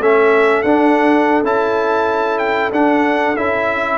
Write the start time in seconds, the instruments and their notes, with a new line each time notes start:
0.00 tuba A3, trombone C#4, horn A4, trumpet E5
0.63 tuba D4, trombone D4, trumpet F#5
1.43 tuba C#4, trombone E4, trumpet A5
2.39 trumpet G5
2.72 tuba D4, trombone D4, trumpet F#5
3.37 tuba C#4, trombone E4, trumpet E5